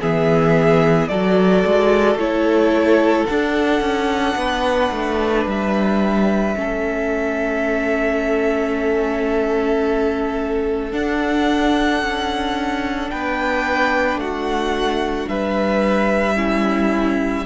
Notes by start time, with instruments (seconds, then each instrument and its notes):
0.00 cello E3, viola B3, violin G#4 E5
1.08 cello F#3, viola F#4, violin A4 D5
1.65 cello G#3
2.15 cello A3, viola E4, violin C#5
3.26 viola D4, cello D4, violin F#5
3.80 cello C#4
4.35 cello B3, violin B4
4.91 cello A3
5.45 cello G3, violin E5
6.55 cello A3, viola C#4, violin A4
10.92 viola D4, cello D4, violin F#5
12.01 cello C#4
13.10 cello B3, violin B4 G5
14.16 cello A3, violin F#4 F#5
15.28 cello G3, violin B4 E5
16.35 viola C#4, violin E4